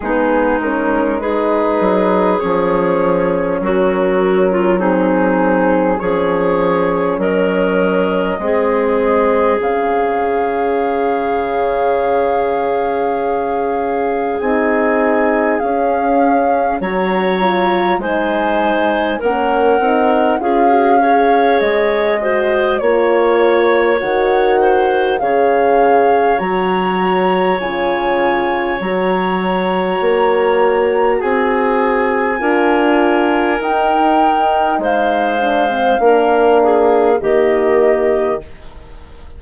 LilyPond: <<
  \new Staff \with { instrumentName = "flute" } { \time 4/4 \tempo 4 = 50 gis'8 ais'8 b'4 cis''4 ais'4 | gis'4 cis''4 dis''2 | f''1 | gis''4 f''4 ais''4 gis''4 |
fis''4 f''4 dis''4 cis''4 | fis''4 f''4 ais''4 gis''4 | ais''2 gis''2 | g''4 f''2 dis''4 | }
  \new Staff \with { instrumentName = "clarinet" } { \time 4/4 dis'4 gis'2 fis'8. f'16 | dis'4 gis'4 ais'4 gis'4~ | gis'1~ | gis'2 cis''4 c''4 |
ais'4 gis'8 cis''4 c''8 cis''4~ | cis''8 c''8 cis''2.~ | cis''2 gis'4 ais'4~ | ais'4 c''4 ais'8 gis'8 g'4 | }
  \new Staff \with { instrumentName = "horn" } { \time 4/4 b8 cis'8 dis'4 cis'2 | c'4 cis'2 c'4 | cis'1 | dis'4 cis'4 fis'8 f'8 dis'4 |
cis'8 dis'8 f'16 fis'16 gis'4 fis'8 f'4 | fis'4 gis'4 fis'4 f'4 | fis'2. f'4 | dis'4. d'16 c'16 d'4 ais4 | }
  \new Staff \with { instrumentName = "bassoon" } { \time 4/4 gis4. fis8 f4 fis4~ | fis4 f4 fis4 gis4 | cis1 | c'4 cis'4 fis4 gis4 |
ais8 c'8 cis'4 gis4 ais4 | dis4 cis4 fis4 cis4 | fis4 ais4 c'4 d'4 | dis'4 gis4 ais4 dis4 | }
>>